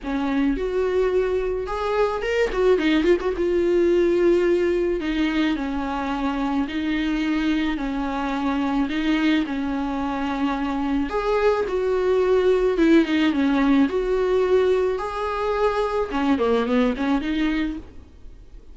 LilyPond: \new Staff \with { instrumentName = "viola" } { \time 4/4 \tempo 4 = 108 cis'4 fis'2 gis'4 | ais'8 fis'8 dis'8 f'16 fis'16 f'2~ | f'4 dis'4 cis'2 | dis'2 cis'2 |
dis'4 cis'2. | gis'4 fis'2 e'8 dis'8 | cis'4 fis'2 gis'4~ | gis'4 cis'8 ais8 b8 cis'8 dis'4 | }